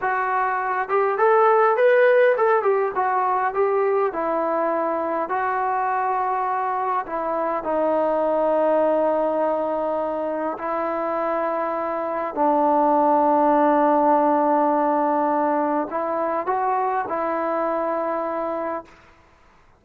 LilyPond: \new Staff \with { instrumentName = "trombone" } { \time 4/4 \tempo 4 = 102 fis'4. g'8 a'4 b'4 | a'8 g'8 fis'4 g'4 e'4~ | e'4 fis'2. | e'4 dis'2.~ |
dis'2 e'2~ | e'4 d'2.~ | d'2. e'4 | fis'4 e'2. | }